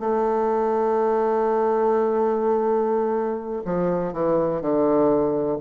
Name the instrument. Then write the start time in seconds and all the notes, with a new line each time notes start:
bassoon
0.00 A3
3.65 F3
4.13 E3
4.61 D3